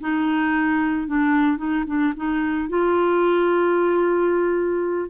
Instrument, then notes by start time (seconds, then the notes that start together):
clarinet
0.00 D#4
1.07 D4
1.57 D#4
1.86 D4
2.16 D#4
2.69 F4